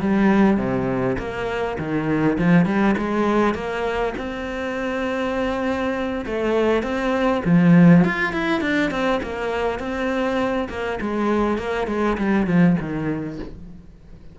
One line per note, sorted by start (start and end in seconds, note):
0.00 0.57 G3
0.57 1.16 C3
1.18 1.77 A#3
1.78 2.37 D#3
2.38 2.65 F3
2.65 2.95 G3
2.97 3.54 G#3
3.54 4.13 A#3
4.17 6.25 C4
6.26 6.83 A3
6.83 7.42 C4
7.45 8.04 F3
8.04 8.33 F4
8.33 8.61 E4
8.61 8.90 D4
8.91 9.20 C4
9.23 9.79 A#3
9.79 10.68 C4
10.69 10.99 A#3
11.01 11.58 G#3
11.58 11.87 A#3
11.87 12.17 G#3
12.17 12.46 G3
12.46 12.76 F3
12.80 13.39 D#3